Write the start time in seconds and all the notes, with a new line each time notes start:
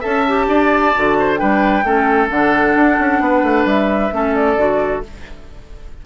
0.00 C#4 A4 E5 A5
0.28 G4
0.48 D4 D5
0.95 D3 F#4
1.20 C5
1.37 G3 D4 B4 G5
1.84 A3 C#4 A4
2.30 D3 D4 F#5
2.75 D4
2.99 C#4
3.20 B3 B4
3.43 A3
3.65 G3 E5
4.12 A3 C#4 A4
4.35 D5
4.57 D3 F#4